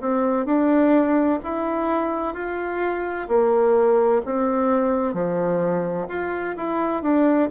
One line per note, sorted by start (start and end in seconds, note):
0.00 0.45 C4
0.45 1.39 D4
1.43 2.34 E4
2.34 3.27 F4
3.27 4.21 A#3
4.25 5.13 C4
5.13 6.07 F3
6.08 6.55 F4
6.56 7.02 E4
7.02 7.49 D4